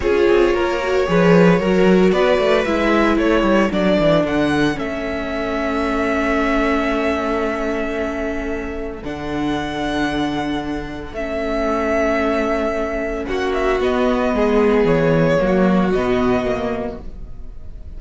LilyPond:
<<
  \new Staff \with { instrumentName = "violin" } { \time 4/4 \tempo 4 = 113 cis''1 | d''4 e''4 cis''4 d''4 | fis''4 e''2.~ | e''1~ |
e''4 fis''2.~ | fis''4 e''2.~ | e''4 fis''8 e''8 dis''2 | cis''2 dis''2 | }
  \new Staff \with { instrumentName = "violin" } { \time 4/4 gis'4 ais'4 b'4 ais'4 | b'2 a'2~ | a'1~ | a'1~ |
a'1~ | a'1~ | a'4 fis'2 gis'4~ | gis'4 fis'2. | }
  \new Staff \with { instrumentName = "viola" } { \time 4/4 f'4. fis'8 gis'4 fis'4~ | fis'4 e'2 d'4~ | d'4 cis'2.~ | cis'1~ |
cis'4 d'2.~ | d'4 cis'2.~ | cis'2 b2~ | b4 ais4 b4 ais4 | }
  \new Staff \with { instrumentName = "cello" } { \time 4/4 cis'8 c'8 ais4 f4 fis4 | b8 a8 gis4 a8 g8 fis8 e8 | d4 a2.~ | a1~ |
a4 d2.~ | d4 a2.~ | a4 ais4 b4 gis4 | e4 fis4 b,2 | }
>>